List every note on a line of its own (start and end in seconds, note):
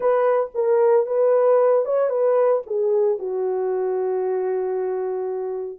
0.00 0.50 B4
0.54 1.06 A#4
1.06 1.85 B4
1.85 2.09 C#5
2.09 2.62 B4
2.66 3.18 G#4
3.18 5.79 F#4